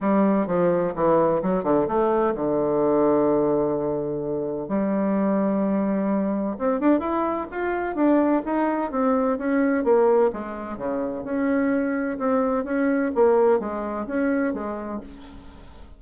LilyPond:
\new Staff \with { instrumentName = "bassoon" } { \time 4/4 \tempo 4 = 128 g4 f4 e4 fis8 d8 | a4 d2.~ | d2 g2~ | g2 c'8 d'8 e'4 |
f'4 d'4 dis'4 c'4 | cis'4 ais4 gis4 cis4 | cis'2 c'4 cis'4 | ais4 gis4 cis'4 gis4 | }